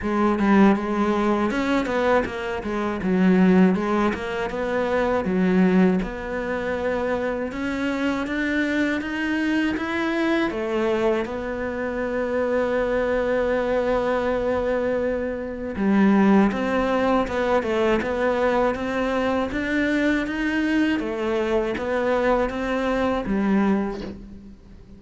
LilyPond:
\new Staff \with { instrumentName = "cello" } { \time 4/4 \tempo 4 = 80 gis8 g8 gis4 cis'8 b8 ais8 gis8 | fis4 gis8 ais8 b4 fis4 | b2 cis'4 d'4 | dis'4 e'4 a4 b4~ |
b1~ | b4 g4 c'4 b8 a8 | b4 c'4 d'4 dis'4 | a4 b4 c'4 g4 | }